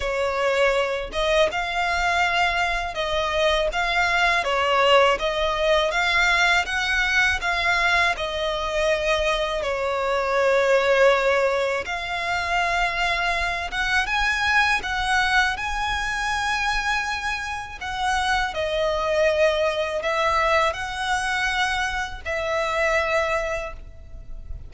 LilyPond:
\new Staff \with { instrumentName = "violin" } { \time 4/4 \tempo 4 = 81 cis''4. dis''8 f''2 | dis''4 f''4 cis''4 dis''4 | f''4 fis''4 f''4 dis''4~ | dis''4 cis''2. |
f''2~ f''8 fis''8 gis''4 | fis''4 gis''2. | fis''4 dis''2 e''4 | fis''2 e''2 | }